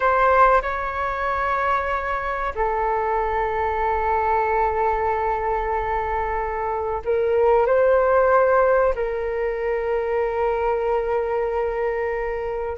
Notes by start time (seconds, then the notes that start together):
0.00 C5
0.62 C#5
2.55 A4
7.04 A#4
7.66 C5
8.95 A#4